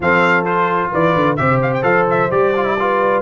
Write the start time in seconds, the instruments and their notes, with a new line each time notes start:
0.00 tuba F3, trombone C4, horn A4, trumpet F5
0.44 trombone F4, trumpet C5
0.90 tuba E3, horn B4, trumpet D5
1.15 tuba D3
1.36 tuba C3, trombone G4, horn C5, trumpet E5
1.62 trumpet F5
1.74 trumpet G5
1.82 tuba F3, trombone A4, trumpet F5
2.10 trumpet E5
2.31 tuba G3, trombone G4, trumpet D5
2.56 trombone F4
2.65 trombone E4
2.79 trombone F4, horn B4